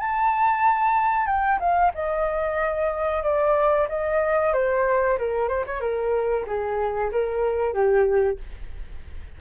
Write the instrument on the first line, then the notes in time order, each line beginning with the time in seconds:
flute
0.00 A5
1.27 G5
1.60 F5
1.95 D#5
3.23 D5
3.89 D#5
4.54 C5
5.18 A#4
5.49 C5
5.67 C#5
5.81 A#4
6.47 G#4
7.12 A#4
7.74 G4